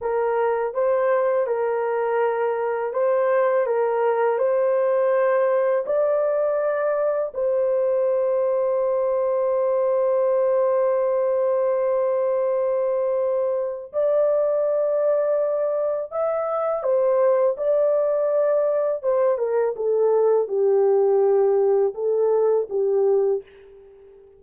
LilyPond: \new Staff \with { instrumentName = "horn" } { \time 4/4 \tempo 4 = 82 ais'4 c''4 ais'2 | c''4 ais'4 c''2 | d''2 c''2~ | c''1~ |
c''2. d''4~ | d''2 e''4 c''4 | d''2 c''8 ais'8 a'4 | g'2 a'4 g'4 | }